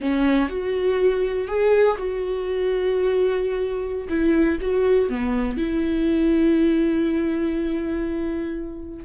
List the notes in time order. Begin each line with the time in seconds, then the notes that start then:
0.00 C#4
0.48 F#4
1.47 G#4
1.97 F#4
4.08 E4
4.60 F#4
5.09 B3
5.57 E4